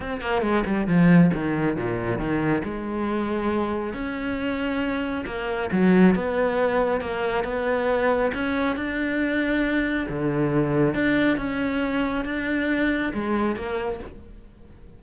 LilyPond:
\new Staff \with { instrumentName = "cello" } { \time 4/4 \tempo 4 = 137 c'8 ais8 gis8 g8 f4 dis4 | ais,4 dis4 gis2~ | gis4 cis'2. | ais4 fis4 b2 |
ais4 b2 cis'4 | d'2. d4~ | d4 d'4 cis'2 | d'2 gis4 ais4 | }